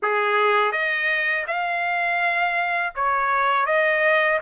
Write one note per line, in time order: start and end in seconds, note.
0.02 0.72 G#4
0.72 1.45 D#5
1.47 2.93 F5
2.95 3.66 C#5
3.66 4.39 D#5